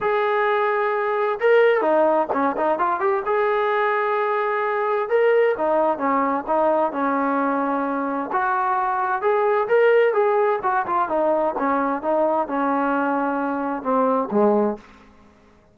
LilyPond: \new Staff \with { instrumentName = "trombone" } { \time 4/4 \tempo 4 = 130 gis'2. ais'4 | dis'4 cis'8 dis'8 f'8 g'8 gis'4~ | gis'2. ais'4 | dis'4 cis'4 dis'4 cis'4~ |
cis'2 fis'2 | gis'4 ais'4 gis'4 fis'8 f'8 | dis'4 cis'4 dis'4 cis'4~ | cis'2 c'4 gis4 | }